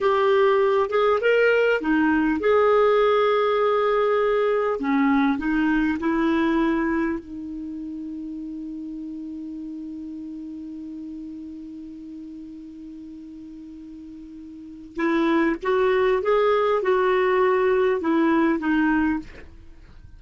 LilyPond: \new Staff \with { instrumentName = "clarinet" } { \time 4/4 \tempo 4 = 100 g'4. gis'8 ais'4 dis'4 | gis'1 | cis'4 dis'4 e'2 | dis'1~ |
dis'1~ | dis'1~ | dis'4 e'4 fis'4 gis'4 | fis'2 e'4 dis'4 | }